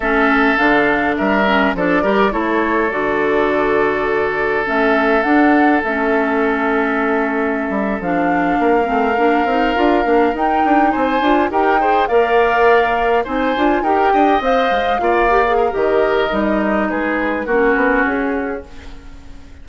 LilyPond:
<<
  \new Staff \with { instrumentName = "flute" } { \time 4/4 \tempo 4 = 103 e''4 f''4 e''4 d''4 | cis''4 d''2. | e''4 fis''4 e''2~ | e''4.~ e''16 f''2~ f''16~ |
f''4.~ f''16 g''4 gis''4 g''16~ | g''8. f''2 gis''4 g''16~ | g''8. f''2~ f''16 dis''4~ | dis''4 b'4 ais'4 gis'4 | }
  \new Staff \with { instrumentName = "oboe" } { \time 4/4 a'2 ais'4 a'8 ais'8 | a'1~ | a'1~ | a'2~ a'8. ais'4~ ais'16~ |
ais'2~ ais'8. c''4 ais'16~ | ais'16 c''8 d''2 c''4 ais'16~ | ais'16 dis''4. d''4 ais'4~ ais'16~ | ais'4 gis'4 fis'2 | }
  \new Staff \with { instrumentName = "clarinet" } { \time 4/4 cis'4 d'4. cis'8 d'8 g'8 | e'4 fis'2. | cis'4 d'4 cis'2~ | cis'4.~ cis'16 d'4. c'8 d'16~ |
d'16 dis'8 f'8 d'8 dis'4. f'8 g'16~ | g'16 gis'8 ais'2 dis'8 f'8 g'16~ | g'8. c''4 f'8 g'16 gis'8 g'4 | dis'2 cis'2 | }
  \new Staff \with { instrumentName = "bassoon" } { \time 4/4 a4 d4 g4 f8 g8 | a4 d2. | a4 d'4 a2~ | a4~ a16 g8 f4 ais8 a8 ais16~ |
ais16 c'8 d'8 ais8 dis'8 d'8 c'8 d'8 dis'16~ | dis'8. ais2 c'8 d'8 dis'16~ | dis'16 d'8 c'8 gis8 ais4~ ais16 dis4 | g4 gis4 ais8 b8 cis'4 | }
>>